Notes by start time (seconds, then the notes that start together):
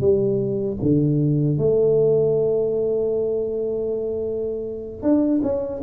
0.00 G3
0.82 D3
1.58 A3
5.02 D4
5.43 C#4